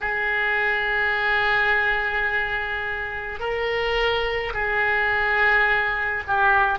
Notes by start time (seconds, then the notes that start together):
0.01 G#4
3.39 A#4
4.53 G#4
6.27 G4